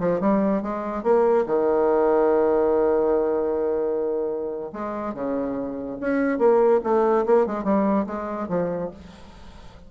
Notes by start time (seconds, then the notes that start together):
0.00 F3
0.21 G3
0.63 G#3
1.03 A#3
1.47 D#3
4.73 G#3
5.14 C#3
6.01 C#4
6.39 A#3
6.84 A3
7.26 A#3
7.46 G#3
7.64 G3
8.07 G#3
8.49 F3